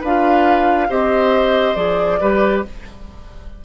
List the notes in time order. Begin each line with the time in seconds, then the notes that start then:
0.00 D4 F4 B4 F5
0.88 C4 G4 C5 D#5
1.75 F3 G#4 D5
2.20 G3 G4 B4